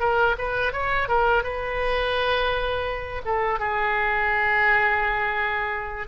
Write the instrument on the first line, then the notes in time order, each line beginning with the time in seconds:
oboe
0.00 A#4
0.38 B4
0.72 C#5
1.08 A#4
1.44 B4
3.25 A4
3.59 G#4